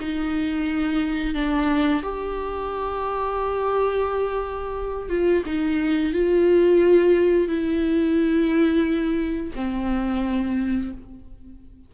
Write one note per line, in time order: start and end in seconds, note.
0.00 1.34 D#4
1.34 2.02 D4
2.03 5.10 G4
5.10 5.44 F4
5.45 6.13 D#4
6.13 7.48 F4
7.48 9.52 E4
9.55 10.92 C4